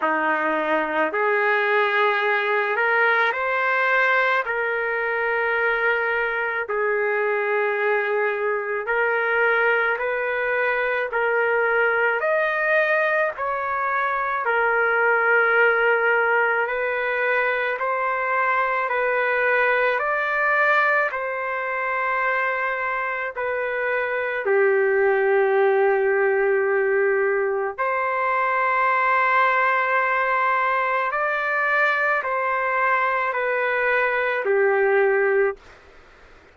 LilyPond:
\new Staff \with { instrumentName = "trumpet" } { \time 4/4 \tempo 4 = 54 dis'4 gis'4. ais'8 c''4 | ais'2 gis'2 | ais'4 b'4 ais'4 dis''4 | cis''4 ais'2 b'4 |
c''4 b'4 d''4 c''4~ | c''4 b'4 g'2~ | g'4 c''2. | d''4 c''4 b'4 g'4 | }